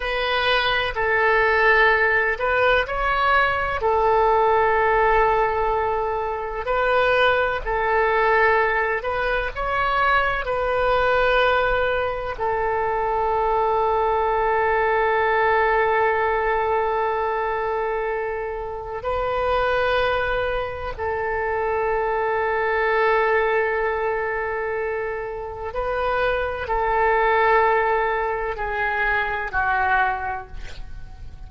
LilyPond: \new Staff \with { instrumentName = "oboe" } { \time 4/4 \tempo 4 = 63 b'4 a'4. b'8 cis''4 | a'2. b'4 | a'4. b'8 cis''4 b'4~ | b'4 a'2.~ |
a'1 | b'2 a'2~ | a'2. b'4 | a'2 gis'4 fis'4 | }